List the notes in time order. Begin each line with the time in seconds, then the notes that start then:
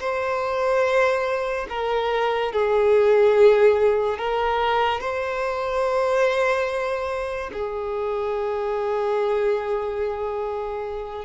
0.00 C5
1.69 A#4
2.52 G#4
4.18 A#4
5.00 C5
7.53 G#4